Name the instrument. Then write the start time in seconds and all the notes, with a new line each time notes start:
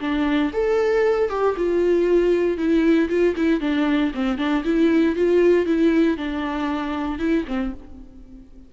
viola
0.00 D4
0.53 A4
1.29 G4
1.56 F4
2.57 E4
3.09 F4
3.36 E4
3.60 D4
4.14 C4
4.38 D4
4.64 E4
5.15 F4
5.66 E4
6.17 D4
7.19 E4
7.47 C4